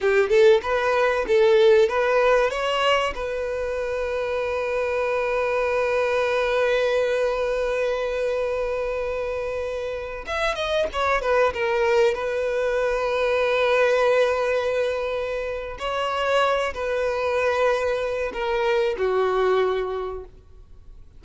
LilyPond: \new Staff \with { instrumentName = "violin" } { \time 4/4 \tempo 4 = 95 g'8 a'8 b'4 a'4 b'4 | cis''4 b'2.~ | b'1~ | b'1~ |
b'16 e''8 dis''8 cis''8 b'8 ais'4 b'8.~ | b'1~ | b'4 cis''4. b'4.~ | b'4 ais'4 fis'2 | }